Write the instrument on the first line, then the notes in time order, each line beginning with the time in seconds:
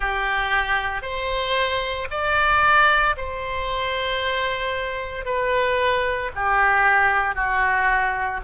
oboe
0.00 G4
1.02 C5
2.10 D5
3.16 C5
5.25 B4
6.35 G4
7.35 F#4